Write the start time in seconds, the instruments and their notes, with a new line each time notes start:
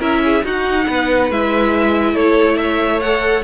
0.00 cello C#4, viola E4, violin A#4 E5
0.25 violin G#4
0.44 cello D#4, viola D#4, violin F#4 F#5
0.86 cello B3, violin B4
1.31 cello G#3, viola E4, violin E5
2.13 cello A3, violin A4 C#5
2.58 violin C#5 E5
3.01 viola A4, violin F#5